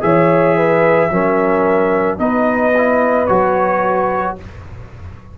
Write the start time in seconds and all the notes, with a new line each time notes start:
0.00 E3 G#4 C#5 E5
0.56 B4
1.10 F#3 C#4 A#4
2.17 B3 D#4 B4 D#5
2.77 E4
3.26 F#3 F#4 C#5